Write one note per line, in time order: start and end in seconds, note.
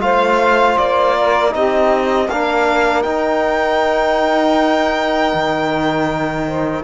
0.00 0.76 A3
0.00 1.51 F4
0.00 1.17 C5
0.00 0.77 F5
0.77 1.55 A#3
0.77 1.53 D5
1.17 1.53 A#4
1.51 2.29 C4
1.51 2.27 D#4
1.51 2.29 G4
1.51 2.30 D#5
2.29 3.05 A#3
2.29 3.05 D4
2.29 6.47 A#4
2.29 3.03 F5
3.03 5.32 D#4
3.03 6.84 D#4
3.03 6.83 G5
5.34 6.84 D#3
6.47 6.84 C5